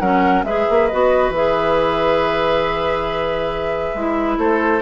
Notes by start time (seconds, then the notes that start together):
0.00 F#3 C#4 A#4 F#5
0.44 G#3 G#4 B4 E5
0.70 A#3
0.88 B3 F#4 D#5
1.30 E3 G#4 E5
3.95 G#3 E4
4.38 A3 A4 C5